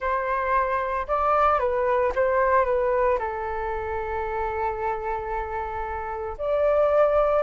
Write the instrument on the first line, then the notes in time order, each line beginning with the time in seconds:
flute
0.00 C5
1.07 D5
1.59 B4
2.15 C5
2.65 B4
3.18 A4
6.37 D5